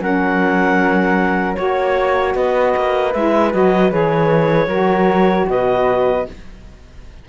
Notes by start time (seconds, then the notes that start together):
0.00 F#3 C#4 A#4 F#5
1.54 A#3 F#4 C#5
2.34 B3 B4 D#5
2.76 A#3
3.13 G#3 E4 E5
3.51 F#3 F#4 D#5
3.89 E3 G#4 C#5
4.67 F#3 F#4 A#4
5.47 B2 B4 D#5